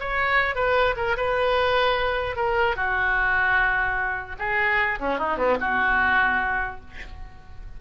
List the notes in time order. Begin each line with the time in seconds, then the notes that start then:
0.00 C#5
0.55 B4
0.97 A#4
1.17 B4
2.36 A#4
2.76 F#4
4.39 G#4
5.00 C#4
5.19 D#4
5.37 B3
5.60 F#4